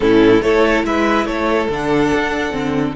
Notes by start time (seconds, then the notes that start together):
0.00 A2 C#4 E4 A4
0.41 A3 E4 A4 C#5
0.84 G#3 B4 E5
1.25 A3 A4 C#5
1.69 D3 D4 F#5
2.14 D4
2.51 D3 C4